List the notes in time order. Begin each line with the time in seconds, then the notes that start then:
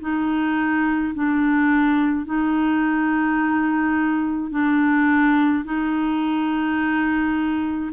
0.00 D#4
1.14 D4
2.25 D#4
4.51 D4
5.64 D#4